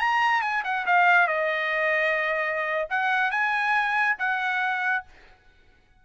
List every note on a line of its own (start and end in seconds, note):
0.00 0.42 A#5
0.42 0.63 G#5
0.65 0.86 F#5
0.87 1.28 F5
1.28 2.89 D#5
2.90 3.32 F#5
3.32 4.17 G#5
4.19 5.05 F#5